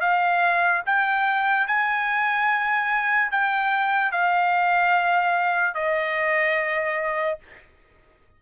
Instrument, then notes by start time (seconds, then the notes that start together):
trumpet
0.00 F5
0.86 G5
1.67 G#5
3.31 G5
4.11 F5
5.74 D#5